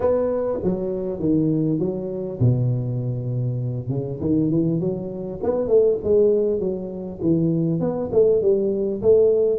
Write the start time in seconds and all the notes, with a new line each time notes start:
0.00 B3
0.63 F#3
1.19 D#3
1.79 F#3
2.39 B2
3.89 C#3
4.20 D#3
4.50 E3
4.79 F#3
5.42 B3
5.67 A3
6.03 G#3
6.59 F#3
7.21 E3
7.80 B3
8.12 A3
8.41 G3
9.02 A3